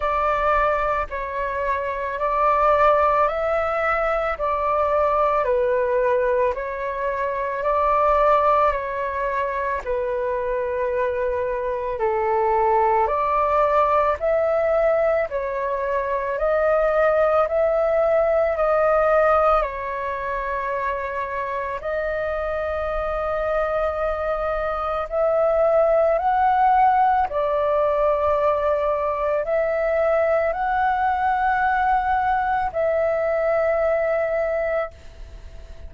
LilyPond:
\new Staff \with { instrumentName = "flute" } { \time 4/4 \tempo 4 = 55 d''4 cis''4 d''4 e''4 | d''4 b'4 cis''4 d''4 | cis''4 b'2 a'4 | d''4 e''4 cis''4 dis''4 |
e''4 dis''4 cis''2 | dis''2. e''4 | fis''4 d''2 e''4 | fis''2 e''2 | }